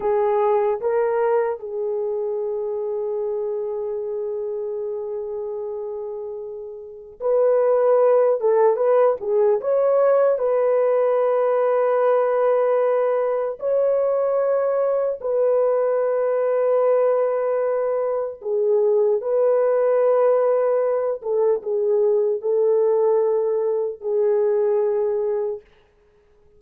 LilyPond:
\new Staff \with { instrumentName = "horn" } { \time 4/4 \tempo 4 = 75 gis'4 ais'4 gis'2~ | gis'1~ | gis'4 b'4. a'8 b'8 gis'8 | cis''4 b'2.~ |
b'4 cis''2 b'4~ | b'2. gis'4 | b'2~ b'8 a'8 gis'4 | a'2 gis'2 | }